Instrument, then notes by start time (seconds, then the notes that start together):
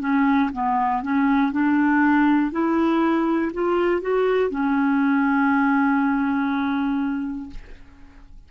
clarinet
0.00 C#4
0.52 B3
1.02 C#4
1.52 D4
2.51 E4
3.53 F4
4.01 F#4
4.50 C#4